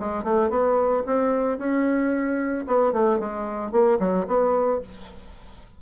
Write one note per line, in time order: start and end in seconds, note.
0.00 0.25 G#3
0.25 0.50 A3
0.50 1.04 B3
1.07 1.59 C4
1.59 2.66 C#4
2.67 2.93 B3
2.93 3.20 A3
3.20 3.73 G#3
3.73 3.99 A#3
4.00 4.27 F#3
4.28 4.82 B3